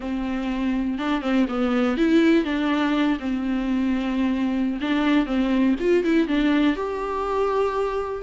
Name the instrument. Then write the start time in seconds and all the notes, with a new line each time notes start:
viola
0.00 C4
0.98 D4
1.21 C4
1.48 B3
1.97 E4
2.44 D4
3.19 C4
4.80 D4
5.26 C4
5.80 F4
6.04 E4
6.27 D4
6.75 G4